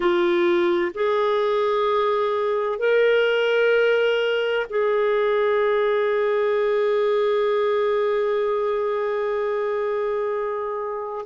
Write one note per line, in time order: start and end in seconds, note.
0.00 0.92 F4
0.94 2.79 G#4
2.79 4.66 A#4
4.69 11.25 G#4